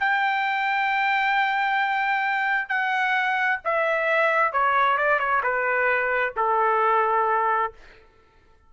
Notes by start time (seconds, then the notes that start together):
0.00 G5
2.69 F#5
3.65 E5
4.53 C#5
4.98 D5
5.20 C#5
5.44 B4
6.37 A4